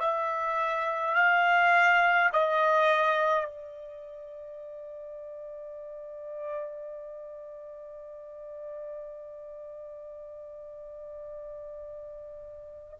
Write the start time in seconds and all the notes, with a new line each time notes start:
0.00 E5
1.15 F5
2.33 D#5
3.46 D5